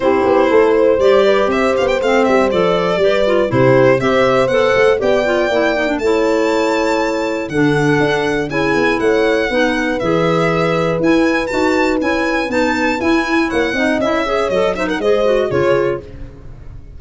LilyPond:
<<
  \new Staff \with { instrumentName = "violin" } { \time 4/4 \tempo 4 = 120 c''2 d''4 e''8 f''16 g''16 | f''8 e''8 d''2 c''4 | e''4 fis''4 g''2 | a''2. fis''4~ |
fis''4 gis''4 fis''2 | e''2 gis''4 a''4 | gis''4 a''4 gis''4 fis''4 | e''4 dis''8 e''16 fis''16 dis''4 cis''4 | }
  \new Staff \with { instrumentName = "horn" } { \time 4/4 g'4 a'8 c''4 b'8 c''4~ | c''2 b'4 g'4 | c''2 d''2 | cis''2. a'4~ |
a'4 gis'4 cis''4 b'4~ | b'1~ | b'2. cis''8 dis''8~ | dis''8 cis''4 c''16 ais'16 c''4 gis'4 | }
  \new Staff \with { instrumentName = "clarinet" } { \time 4/4 e'2 g'2 | c'4 a'4 g'8 f'8 e'4 | g'4 a'4 g'8 f'8 e'8 dis'16 d'16 | e'2. d'4~ |
d'4 e'2 dis'4 | gis'2 e'4 fis'4 | e'4 dis'4 e'4. dis'8 | e'8 gis'8 a'8 dis'8 gis'8 fis'8 f'4 | }
  \new Staff \with { instrumentName = "tuba" } { \time 4/4 c'8 b8 a4 g4 c'8 b8 | a8 g8 f4 g4 c4 | c'4 b8 a8 b4 ais4 | a2. d4 |
d'4 cis'8 b8 a4 b4 | e2 e'4 dis'4 | cis'4 b4 e'4 ais8 c'8 | cis'4 fis4 gis4 cis4 | }
>>